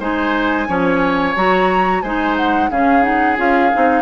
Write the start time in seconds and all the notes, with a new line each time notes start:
0.00 G#3 D#4 C5 G#5
0.67 F3 C#4 C#5
1.35 F#3 F#4 A#5
2.02 G#3 D#4 C5 G#5
2.37 F#5
2.70 C#3 C#4 G#4 F5
3.03 D#4 F#5
3.37 C#4 F4 F5
3.73 C4 D#4